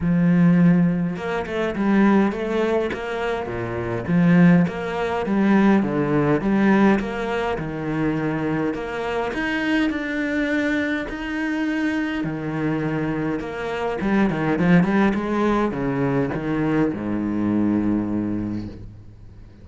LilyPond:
\new Staff \with { instrumentName = "cello" } { \time 4/4 \tempo 4 = 103 f2 ais8 a8 g4 | a4 ais4 ais,4 f4 | ais4 g4 d4 g4 | ais4 dis2 ais4 |
dis'4 d'2 dis'4~ | dis'4 dis2 ais4 | g8 dis8 f8 g8 gis4 cis4 | dis4 gis,2. | }